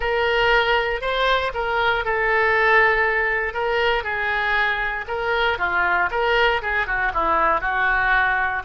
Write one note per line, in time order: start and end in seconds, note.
0.00 1.01 A#4
1.01 1.51 C5
1.53 2.04 A#4
2.04 3.53 A4
3.53 4.03 A#4
4.03 5.05 G#4
5.07 5.58 A#4
5.58 6.09 F4
6.10 6.61 A#4
6.62 6.86 G#4
6.86 7.12 F#4
7.14 7.61 E4
7.61 8.62 F#4